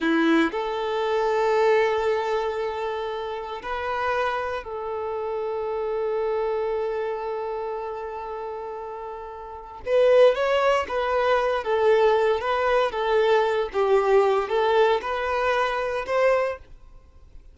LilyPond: \new Staff \with { instrumentName = "violin" } { \time 4/4 \tempo 4 = 116 e'4 a'2.~ | a'2. b'4~ | b'4 a'2.~ | a'1~ |
a'2. b'4 | cis''4 b'4. a'4. | b'4 a'4. g'4. | a'4 b'2 c''4 | }